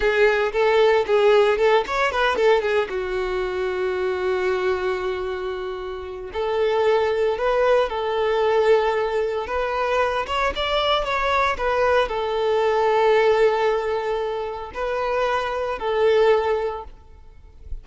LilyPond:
\new Staff \with { instrumentName = "violin" } { \time 4/4 \tempo 4 = 114 gis'4 a'4 gis'4 a'8 cis''8 | b'8 a'8 gis'8 fis'2~ fis'8~ | fis'1 | a'2 b'4 a'4~ |
a'2 b'4. cis''8 | d''4 cis''4 b'4 a'4~ | a'1 | b'2 a'2 | }